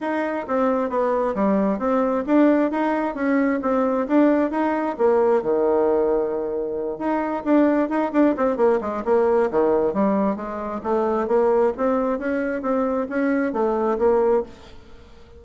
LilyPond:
\new Staff \with { instrumentName = "bassoon" } { \time 4/4 \tempo 4 = 133 dis'4 c'4 b4 g4 | c'4 d'4 dis'4 cis'4 | c'4 d'4 dis'4 ais4 | dis2.~ dis8 dis'8~ |
dis'8 d'4 dis'8 d'8 c'8 ais8 gis8 | ais4 dis4 g4 gis4 | a4 ais4 c'4 cis'4 | c'4 cis'4 a4 ais4 | }